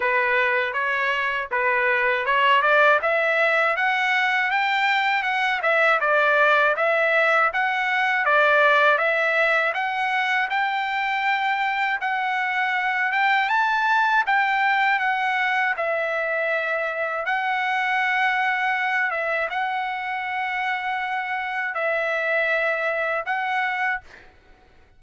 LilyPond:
\new Staff \with { instrumentName = "trumpet" } { \time 4/4 \tempo 4 = 80 b'4 cis''4 b'4 cis''8 d''8 | e''4 fis''4 g''4 fis''8 e''8 | d''4 e''4 fis''4 d''4 | e''4 fis''4 g''2 |
fis''4. g''8 a''4 g''4 | fis''4 e''2 fis''4~ | fis''4. e''8 fis''2~ | fis''4 e''2 fis''4 | }